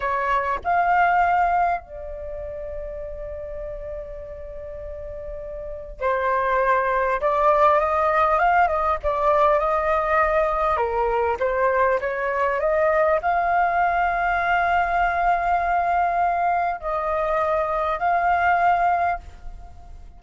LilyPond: \new Staff \with { instrumentName = "flute" } { \time 4/4 \tempo 4 = 100 cis''4 f''2 d''4~ | d''1~ | d''2 c''2 | d''4 dis''4 f''8 dis''8 d''4 |
dis''2 ais'4 c''4 | cis''4 dis''4 f''2~ | f''1 | dis''2 f''2 | }